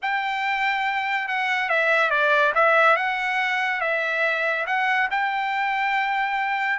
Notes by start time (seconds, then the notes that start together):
0.02 G5
1.28 F#5
1.69 E5
2.10 D5
2.54 E5
2.96 F#5
3.80 E5
4.66 F#5
5.10 G5